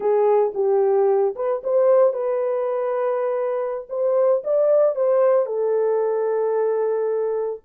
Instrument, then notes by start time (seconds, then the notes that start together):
horn
0.00 G#4
0.54 G4
1.35 B4
1.63 C5
2.13 B4
3.89 C5
4.43 D5
4.95 C5
5.46 A4